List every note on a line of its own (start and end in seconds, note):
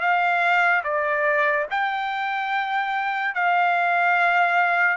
0.00 0.82 F5
0.84 1.66 D5
1.70 3.34 G5
3.34 4.96 F5